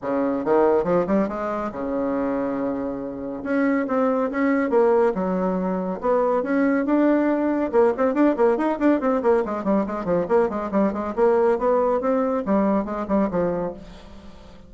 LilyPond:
\new Staff \with { instrumentName = "bassoon" } { \time 4/4 \tempo 4 = 140 cis4 dis4 f8 g8 gis4 | cis1 | cis'4 c'4 cis'4 ais4 | fis2 b4 cis'4 |
d'2 ais8 c'8 d'8 ais8 | dis'8 d'8 c'8 ais8 gis8 g8 gis8 f8 | ais8 gis8 g8 gis8 ais4 b4 | c'4 g4 gis8 g8 f4 | }